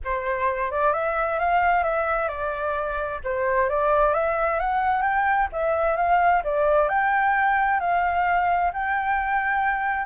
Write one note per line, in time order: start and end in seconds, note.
0.04 0.71 C5
0.71 0.93 D5
0.93 1.39 E5
1.39 1.83 F5
1.83 2.28 E5
2.28 3.19 D5
3.24 3.69 C5
3.69 4.13 D5
4.13 4.59 E5
4.59 5.02 F#5
5.02 5.47 G5
5.52 5.96 E5
5.96 6.42 F5
6.44 6.88 D5
6.88 7.80 G5
7.80 8.71 F5
8.73 10.06 G5